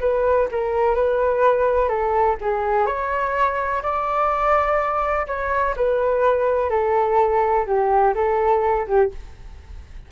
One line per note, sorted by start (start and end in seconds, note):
0.00 0.48 B4
0.51 0.95 A#4
0.95 1.88 B4
1.88 2.36 A4
2.41 2.86 G#4
2.86 3.82 C#5
3.82 5.26 D5
5.27 5.75 C#5
5.76 6.69 B4
6.69 7.65 A4
7.66 8.14 G4
8.14 8.86 A4
8.87 9.11 G4